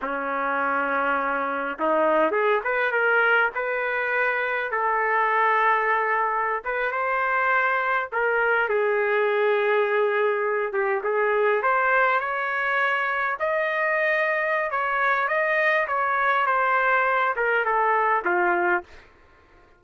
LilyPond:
\new Staff \with { instrumentName = "trumpet" } { \time 4/4 \tempo 4 = 102 cis'2. dis'4 | gis'8 b'8 ais'4 b'2 | a'2.~ a'16 b'8 c''16~ | c''4.~ c''16 ais'4 gis'4~ gis'16~ |
gis'2~ gis'16 g'8 gis'4 c''16~ | c''8. cis''2 dis''4~ dis''16~ | dis''4 cis''4 dis''4 cis''4 | c''4. ais'8 a'4 f'4 | }